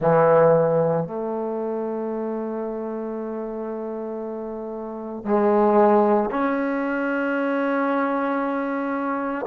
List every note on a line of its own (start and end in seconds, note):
0.00 1.04 E3
1.04 5.24 A3
5.24 6.30 G#3
6.30 9.45 C#4